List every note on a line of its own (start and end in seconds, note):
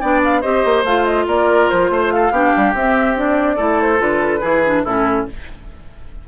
0.00 0.44 B3
0.00 0.43 D4
0.00 0.41 D5
0.00 0.21 G5
0.24 0.42 F5
0.41 0.65 C4
0.41 0.85 G4
0.41 1.25 C5
0.41 0.83 D#5
0.65 0.84 A#3
0.84 1.26 A3
0.84 2.33 F4
0.84 1.05 F5
1.05 1.26 D#5
1.27 1.69 A#3
1.27 1.90 A#4
1.27 1.69 D5
1.69 1.90 F3
1.69 2.11 C5
1.90 2.31 A3
1.90 2.13 C5
2.11 2.32 A4
2.11 2.74 F5
2.31 2.52 B3
2.31 2.75 D4
2.31 3.56 G4
2.57 2.74 G3
2.74 3.58 C4
2.74 3.16 C4
2.74 3.17 E5
3.16 3.58 D4
3.16 3.81 D5
3.56 4.00 A3
3.56 3.98 E4
3.56 4.40 A4
3.81 4.00 C5
3.98 4.42 D3
3.98 4.40 F4
3.98 4.84 B4
4.41 4.85 E3
4.41 4.62 E4
4.41 4.83 G#4
4.65 4.86 D4
4.84 5.28 A2
4.84 5.28 C#4
4.84 5.26 E4
4.84 5.26 A4